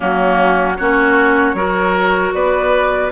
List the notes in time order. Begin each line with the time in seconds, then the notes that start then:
0.00 F#3 A#3 C#4 F#4
0.76 A#3 C#4 F#4 C#5
1.54 F#3 F#4 A#4
2.33 B3 B4 D5